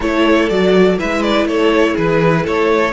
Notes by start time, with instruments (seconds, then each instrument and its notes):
0.00 cello A3, viola E4, violin A4 C#5
0.49 cello F#3, viola F#4, violin D5
0.98 cello G#3, viola E4, violin B4 E5
1.22 violin D5
1.45 cello A3, violin A4 C#5
1.94 cello E3, violin G#4 B4
2.42 cello A3, violin A4 C#5